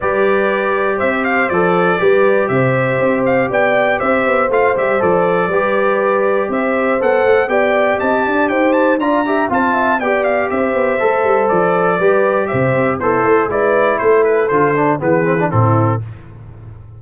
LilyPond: <<
  \new Staff \with { instrumentName = "trumpet" } { \time 4/4 \tempo 4 = 120 d''2 e''8 f''8 d''4~ | d''4 e''4. f''8 g''4 | e''4 f''8 e''8 d''2~ | d''4 e''4 fis''4 g''4 |
a''4 g''8 a''8 ais''4 a''4 | g''8 f''8 e''2 d''4~ | d''4 e''4 c''4 d''4 | c''8 b'8 c''4 b'4 a'4 | }
  \new Staff \with { instrumentName = "horn" } { \time 4/4 b'2 c''2 | b'4 c''2 d''4 | c''2. b'4~ | b'4 c''2 d''4 |
dis''8 d''8 c''4 d''8 e''8 f''8 e''8 | d''4 c''2. | b'4 c''4 e'4 b'4 | a'2 gis'4 e'4 | }
  \new Staff \with { instrumentName = "trombone" } { \time 4/4 g'2. a'4 | g'1~ | g'4 f'8 g'8 a'4 g'4~ | g'2 a'4 g'4~ |
g'2 f'8 g'8 f'4 | g'2 a'2 | g'2 a'4 e'4~ | e'4 f'8 d'8 b8 c'16 d'16 c'4 | }
  \new Staff \with { instrumentName = "tuba" } { \time 4/4 g2 c'4 f4 | g4 c4 c'4 b4 | c'8 b8 a8 g8 f4 g4~ | g4 c'4 b8 a8 b4 |
c'8 d'8 dis'4 d'4 c'4 | b4 c'8 b8 a8 g8 f4 | g4 c8 c'8 b8 a8 gis4 | a4 d4 e4 a,4 | }
>>